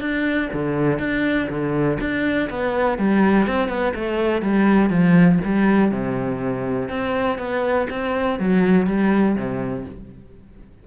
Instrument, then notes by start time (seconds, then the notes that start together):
cello
0.00 D4
0.53 D3
0.99 D4
1.49 D3
2.00 D4
2.49 B3
2.98 G3
3.47 C4
3.68 B3
3.95 A3
4.42 G3
4.90 F3
5.44 G3
5.91 C3
6.89 C4
7.38 B3
7.90 C4
8.39 F#3
8.87 G3
9.36 C3